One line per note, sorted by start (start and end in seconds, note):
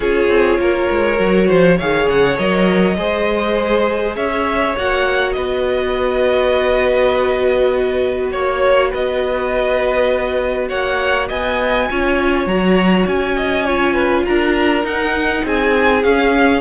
0.00 0.28 C#4
0.00 1.16 F4
0.00 0.59 G#4
0.00 1.79 C#5
0.28 0.58 C4
0.58 0.88 A#3
0.58 1.47 A#4
0.91 1.19 G#3
1.16 1.49 F#3
1.16 1.76 F#4
1.47 1.81 F3
1.47 1.77 C5
1.77 2.07 D#3
1.77 2.37 G#4
1.77 2.95 C#5
1.77 2.08 F5
2.07 2.37 C#3
2.07 2.37 F#5
2.37 2.97 F#3
2.37 2.96 A#4
2.37 4.15 D#5
2.97 4.16 G#3
2.97 4.75 G#4
2.97 4.15 C5
4.15 4.75 C#4
4.15 5.34 C#5
4.15 4.75 E5
4.76 5.36 A#3
4.76 11.89 F#4
4.76 5.32 F#5
5.32 8.32 B3
5.32 8.32 B4
5.32 8.29 D#5
8.31 8.92 A#3
8.31 8.91 C#5
8.31 8.90 C#5
8.90 10.70 B3
8.90 10.68 B4
8.90 10.68 D#5
10.68 11.30 A#3
10.68 11.28 C#5
10.68 11.27 F#5
11.28 11.89 B3
11.28 11.87 D#5
11.28 12.47 G#5
11.89 12.46 C#4
11.89 12.48 F4
11.89 13.36 C#5
12.46 13.06 F#3
12.46 13.66 F#4
12.46 13.06 A#5
13.06 14.25 C#4
13.06 14.25 G#5
13.36 13.65 D#5
13.65 14.84 F4
13.65 13.94 C#5
13.94 14.23 B4
14.25 14.84 D4
14.25 15.44 A#4
14.25 14.84 A#5
14.84 15.43 D#4
14.84 16.03 D#4
14.84 15.45 F#5
15.44 16.03 C4
15.44 16.61 G#4
15.44 16.03 G#5
16.03 16.61 C#4
16.03 16.61 F5